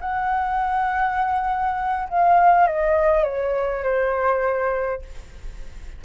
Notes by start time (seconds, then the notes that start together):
0.00 F#5
2.09 F5
2.67 D#5
3.23 C#5
3.83 C5